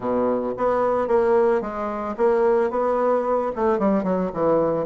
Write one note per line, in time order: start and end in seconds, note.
0.00 0.54 B2
0.57 1.07 B3
1.07 1.61 A#3
1.61 2.15 G#3
2.17 2.70 A#3
2.70 3.51 B3
3.55 3.78 A3
3.78 4.03 G3
4.03 4.30 F#3
4.33 4.86 E3